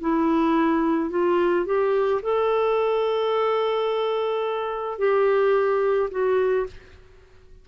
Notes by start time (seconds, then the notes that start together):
0.00 E4
1.10 F4
1.66 G4
2.22 A4
4.98 G4
6.11 F#4